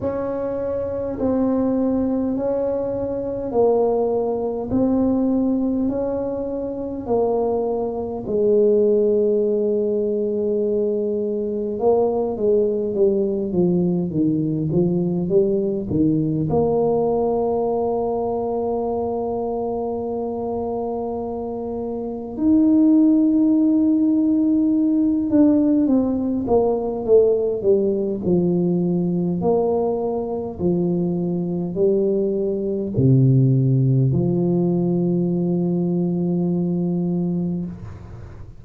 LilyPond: \new Staff \with { instrumentName = "tuba" } { \time 4/4 \tempo 4 = 51 cis'4 c'4 cis'4 ais4 | c'4 cis'4 ais4 gis4~ | gis2 ais8 gis8 g8 f8 | dis8 f8 g8 dis8 ais2~ |
ais2. dis'4~ | dis'4. d'8 c'8 ais8 a8 g8 | f4 ais4 f4 g4 | c4 f2. | }